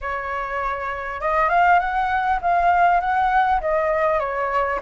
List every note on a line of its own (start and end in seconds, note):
0.01 1.21 C#5
1.21 1.49 D#5
1.49 1.79 F5
1.79 2.39 F#5
2.41 3.00 F5
3.00 3.60 F#5
3.61 4.19 D#5
4.19 4.79 C#5